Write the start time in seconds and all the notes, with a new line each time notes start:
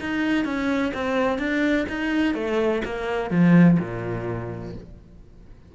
0.00 D#4
0.45 C#4
0.94 C4
1.39 D4
1.89 D#4
2.35 A3
2.85 A#3
3.31 F3
3.80 A#2